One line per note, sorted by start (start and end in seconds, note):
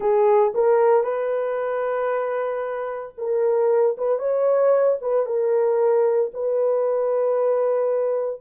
0.00 0.53 G#4
0.54 1.03 A#4
1.03 3.14 B4
3.17 3.96 A#4
3.97 4.18 B4
4.18 4.97 C#5
5.01 5.26 B4
5.26 6.31 A#4
6.33 8.40 B4